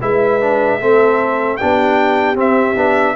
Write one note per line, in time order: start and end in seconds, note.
0.00 0.79 G#3
0.00 0.39 E4
0.00 0.79 B4
0.00 1.56 E5
0.40 0.79 D4
0.79 1.58 A3
0.79 1.59 C4
0.79 1.58 A4
1.56 2.36 B3
1.56 2.35 D4
1.56 3.15 G4
1.56 2.35 G5
2.35 2.75 C4
2.35 3.15 E5
2.76 3.15 B3
2.76 3.15 D4